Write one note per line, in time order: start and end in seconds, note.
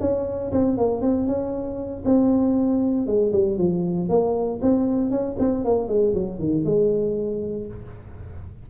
0.00 0.51 C#4
0.52 0.77 C4
0.77 1.01 A#3
1.01 1.27 C4
1.27 2.04 C#4
2.05 3.07 C4
3.07 3.32 G#3
3.32 3.58 G3
3.58 4.09 F3
4.09 4.60 A#3
4.62 5.10 C4
5.10 5.36 C#4
5.39 5.65 C4
5.65 5.88 A#3
5.88 6.14 G#3
6.14 6.39 F#3
6.39 6.64 D#3
6.64 7.67 G#3